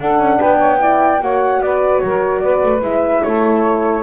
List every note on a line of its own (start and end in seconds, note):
0.00 0.19 D4
0.00 0.79 D4
0.00 0.38 A4
0.00 0.41 F#5
0.19 0.40 C#4
0.38 1.22 B3
0.38 0.58 B4
0.38 1.22 G5
0.58 0.79 C#5
0.79 1.20 E4
0.79 1.21 D5
1.21 1.60 A#3
1.21 2.82 F#4
1.21 1.62 C#5
1.21 1.62 F#5
1.60 2.01 B3
1.60 2.04 B4
1.60 2.00 D5
2.00 2.42 F#3
2.00 2.43 A#4
2.00 2.39 C#5
2.39 2.62 B3
2.39 3.24 B4
2.39 2.80 D5
2.63 2.81 A3
2.81 3.22 G#3
2.81 4.03 E4
2.81 3.24 E5
3.24 4.03 A3
3.24 4.03 A4
3.24 4.03 C#5